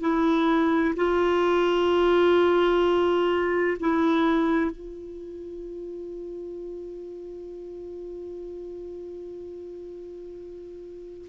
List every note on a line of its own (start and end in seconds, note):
0.00 0.94 E4
0.95 3.77 F4
3.80 4.70 E4
4.70 11.27 F4